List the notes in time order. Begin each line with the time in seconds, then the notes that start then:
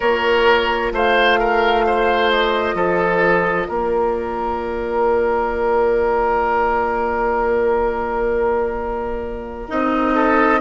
0.00 A#3 F4 A#4 C#5
0.92 A3 C5 F5
1.39 A#4
1.86 C5
2.31 D#5
2.74 F3 A4
3.67 A#3 A#4 D5
9.68 C4 D#4 D#5
10.14 A4